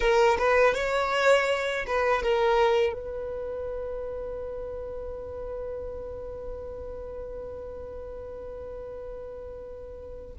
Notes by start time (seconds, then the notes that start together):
0.00 A#4
0.38 B4
0.74 C#5
1.87 B4
2.22 A#4
2.93 B4